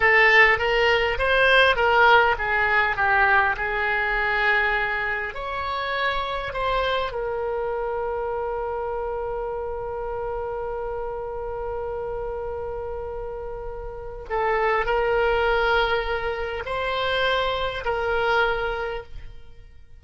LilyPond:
\new Staff \with { instrumentName = "oboe" } { \time 4/4 \tempo 4 = 101 a'4 ais'4 c''4 ais'4 | gis'4 g'4 gis'2~ | gis'4 cis''2 c''4 | ais'1~ |
ais'1~ | ais'1 | a'4 ais'2. | c''2 ais'2 | }